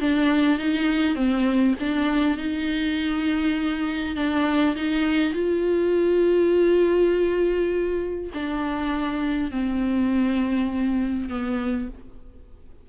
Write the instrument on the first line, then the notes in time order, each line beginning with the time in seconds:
viola
0.00 D4
0.58 D#4
1.15 C4
1.80 D4
2.37 D#4
4.16 D4
4.76 D#4
5.33 F4
8.33 D4
9.51 C4
11.29 B3